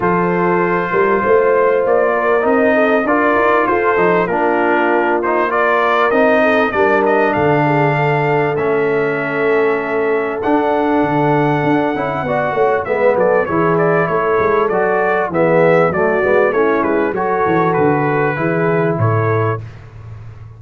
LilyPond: <<
  \new Staff \with { instrumentName = "trumpet" } { \time 4/4 \tempo 4 = 98 c''2. d''4 | dis''4 d''4 c''4 ais'4~ | ais'8 c''8 d''4 dis''4 d''8 dis''8 | f''2 e''2~ |
e''4 fis''2.~ | fis''4 e''8 d''8 cis''8 d''8 cis''4 | d''4 e''4 d''4 cis''8 b'8 | cis''4 b'2 cis''4 | }
  \new Staff \with { instrumentName = "horn" } { \time 4/4 a'4. ais'8 c''4. ais'8~ | ais'8 a'8 ais'4 a'4 f'4~ | f'4 ais'4. a'8 ais'4 | a'8 gis'8 a'2.~ |
a'1 | d''8 cis''8 b'8 a'8 gis'4 a'4~ | a'4 gis'4 fis'4 e'4 | a'2 gis'4 a'4 | }
  \new Staff \with { instrumentName = "trombone" } { \time 4/4 f'1 | dis'4 f'4. dis'8 d'4~ | d'8 dis'8 f'4 dis'4 d'4~ | d'2 cis'2~ |
cis'4 d'2~ d'8 e'8 | fis'4 b4 e'2 | fis'4 b4 a8 b8 cis'4 | fis'2 e'2 | }
  \new Staff \with { instrumentName = "tuba" } { \time 4/4 f4. g8 a4 ais4 | c'4 d'8 dis'8 f'8 f8 ais4~ | ais2 c'4 g4 | d2 a2~ |
a4 d'4 d4 d'8 cis'8 | b8 a8 gis8 fis8 e4 a8 gis8 | fis4 e4 fis8 gis8 a8 gis8 | fis8 e8 d4 e4 a,4 | }
>>